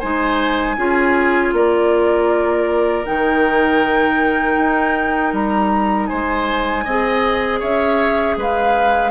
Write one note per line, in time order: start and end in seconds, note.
0.00 0.78 G#3
0.00 0.78 D#4
0.00 0.76 C5
0.00 1.52 G#5
0.78 1.53 C#4
0.78 3.05 F4
0.78 1.55 G#4
1.53 3.05 A#3
1.53 6.09 A#4
1.53 3.05 D5
3.05 4.58 D#3
3.05 6.85 D#4
3.05 5.33 G5
4.58 5.33 D#4
5.33 6.09 G3
5.33 6.07 A#5
6.07 6.86 G#3
6.07 6.85 C5
6.07 7.59 G#5
6.85 7.62 C4
6.85 9.12 G#4
6.85 7.60 D#5
7.60 8.37 C#4
7.60 8.36 C#5
7.60 8.38 E5
8.37 9.12 G#3
8.37 9.12 B4
8.37 9.12 F5